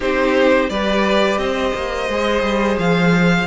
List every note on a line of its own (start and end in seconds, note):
0.00 0.69 C4
0.00 0.70 D#4
0.00 0.69 G4
0.00 0.69 C5
0.69 1.37 G3
0.69 2.09 G4
0.69 1.40 B4
0.69 1.38 D5
1.37 1.72 C4
1.37 3.46 C5
1.37 2.77 D#5
1.74 2.09 A#3
2.09 2.42 G#3
2.09 3.46 G#4
2.42 2.77 G3
2.78 3.46 F3
2.78 3.46 F5